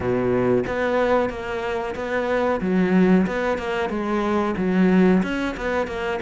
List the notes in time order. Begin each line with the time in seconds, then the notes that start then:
0.00 B2
0.66 B3
1.29 A#3
1.95 B3
2.61 F#3
3.26 B3
3.58 A#3
3.89 G#3
4.57 F#3
5.22 C#4
5.56 B3
5.87 A#3